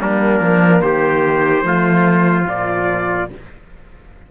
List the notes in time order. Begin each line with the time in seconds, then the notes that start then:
0.00 G3 A#3 D4 A#4
0.40 F3
0.82 D#3 G4 C5
1.62 F3 A3 F4
2.43 A#2 F3 D5